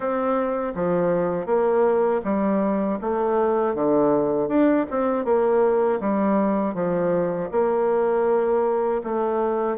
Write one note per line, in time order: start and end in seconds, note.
0.00 0.73 C4
0.74 1.46 F3
1.46 2.21 A#3
2.24 2.99 G3
3.01 3.74 A3
3.74 4.48 D3
4.48 4.85 D4
4.90 5.24 C4
5.24 5.99 A#3
6.00 6.74 G3
6.74 7.49 F3
7.51 9.01 A#3
9.03 9.77 A3